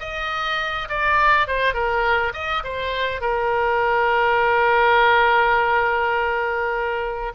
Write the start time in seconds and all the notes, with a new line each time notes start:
0.00 D#5
0.89 D5
1.47 C5
1.74 A#4
2.34 D#5
2.64 C5
3.21 A#4